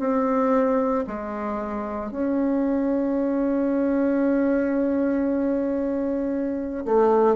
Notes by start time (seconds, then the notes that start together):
0.00 C4
1.07 G#3
2.11 C#4
6.86 A3